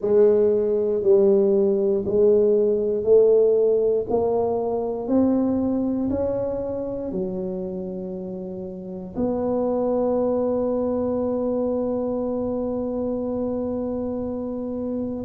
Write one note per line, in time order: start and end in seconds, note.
0.00 1.02 G#3
1.02 2.04 G3
2.05 3.03 G#3
3.03 4.05 A3
4.09 5.07 A#3
5.07 6.09 C4
6.10 7.11 C#4
7.11 9.15 F#3
9.16 15.24 B3